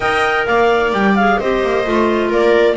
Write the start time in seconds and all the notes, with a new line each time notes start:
0.00 D#4 A#4 D#5 G5
0.46 A#3 D5 F5
0.92 G3 G5
1.15 G#4 F5
1.38 C4 G4 C5 D#5
1.62 A#3
1.85 A3 F4
2.29 A#3 A#4 D5